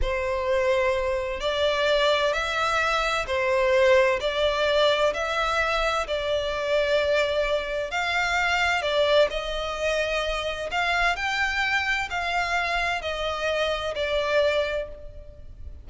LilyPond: \new Staff \with { instrumentName = "violin" } { \time 4/4 \tempo 4 = 129 c''2. d''4~ | d''4 e''2 c''4~ | c''4 d''2 e''4~ | e''4 d''2.~ |
d''4 f''2 d''4 | dis''2. f''4 | g''2 f''2 | dis''2 d''2 | }